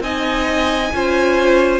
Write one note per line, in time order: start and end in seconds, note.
0.00 0.90 C4
0.00 0.92 D#4
0.00 0.92 D#5
0.00 1.80 G#5
0.93 1.80 C#4
0.93 1.80 F4
0.93 1.80 C5